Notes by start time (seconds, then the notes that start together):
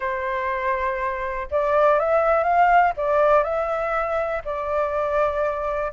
0.00 C5
1.50 D5
1.99 E5
2.43 F5
2.96 D5
3.43 E5
4.44 D5